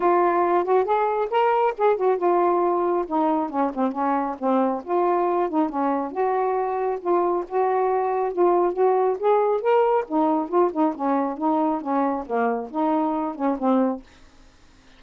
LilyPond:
\new Staff \with { instrumentName = "saxophone" } { \time 4/4 \tempo 4 = 137 f'4. fis'8 gis'4 ais'4 | gis'8 fis'8 f'2 dis'4 | cis'8 c'8 cis'4 c'4 f'4~ | f'8 dis'8 cis'4 fis'2 |
f'4 fis'2 f'4 | fis'4 gis'4 ais'4 dis'4 | f'8 dis'8 cis'4 dis'4 cis'4 | ais4 dis'4. cis'8 c'4 | }